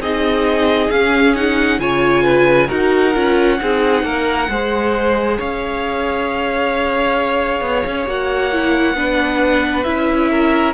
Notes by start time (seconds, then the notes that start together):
0.00 C4 D#4 G#4 D#5
0.90 C#4 F5
1.36 D#4 F#5
1.79 C#3 F4 C#5 G#5
2.24 B4
2.68 D#4 F#4 A#4 F#5
3.15 C#4 F4
3.60 C4 D#4 G#4
4.04 A#3 A#4
4.49 G#3 G#4 C5
5.38 C#4 C#5 F5
7.61 B3
7.86 C#4
8.06 A#3 F#4 F#5
8.52 E4
8.95 B3 D4 B4
9.84 C#4 E4 E5
10.31 A#4